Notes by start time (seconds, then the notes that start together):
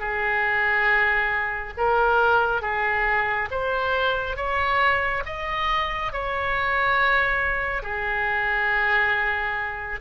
0.00 G#4
1.77 A#4
2.62 G#4
3.51 C5
4.37 C#5
5.26 D#5
6.13 C#5
7.83 G#4